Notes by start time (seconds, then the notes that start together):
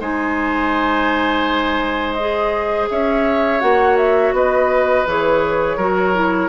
0.00 G#3 D#4 C5 G#5
2.14 G#4 D#5
2.90 C#4 C#5 E5
3.60 A#3 F#4 F#5
3.97 E5
4.32 B3 B4 D#5
5.06 E3 G#4 C#5
5.77 F#3 F#4 A#4
6.14 E4